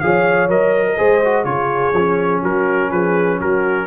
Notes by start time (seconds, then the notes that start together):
0.00 F3 G#4 C#5 F5
0.48 F#3 A#4 D#5
0.87 A#4
0.97 G#3 G#4 C5
1.25 F#4
1.45 C#3 F4 G#4 C#5
1.93 F3 C#4
2.42 F#3 F#4 A#4
2.91 F3 G#4 B4
3.39 F#3 F#4 A#4